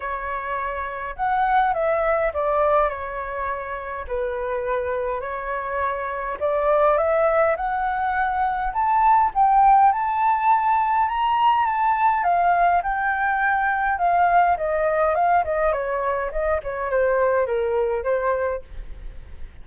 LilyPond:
\new Staff \with { instrumentName = "flute" } { \time 4/4 \tempo 4 = 103 cis''2 fis''4 e''4 | d''4 cis''2 b'4~ | b'4 cis''2 d''4 | e''4 fis''2 a''4 |
g''4 a''2 ais''4 | a''4 f''4 g''2 | f''4 dis''4 f''8 dis''8 cis''4 | dis''8 cis''8 c''4 ais'4 c''4 | }